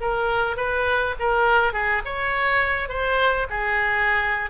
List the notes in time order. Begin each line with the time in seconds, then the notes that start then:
0.00 A#4
0.56 B4
1.19 A#4
1.73 G#4
2.04 C#5
2.88 C5
3.49 G#4